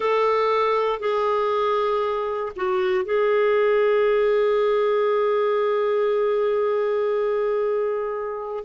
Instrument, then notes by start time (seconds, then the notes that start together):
clarinet
0.00 A4
0.99 G#4
2.56 F#4
3.04 G#4